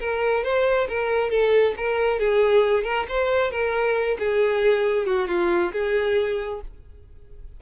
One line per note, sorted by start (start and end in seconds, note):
0.00 0.44 A#4
0.44 0.88 C5
0.89 1.30 A#4
1.30 1.74 A4
1.77 2.19 A#4
2.19 2.84 G#4
2.84 3.06 A#4
3.08 3.51 C5
3.51 4.17 A#4
4.19 5.06 G#4
5.06 5.28 F#4
5.28 5.72 F4
5.73 6.61 G#4